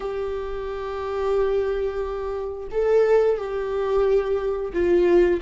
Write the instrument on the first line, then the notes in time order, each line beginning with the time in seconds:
viola
0.00 G4
2.71 A4
3.37 G4
4.73 F4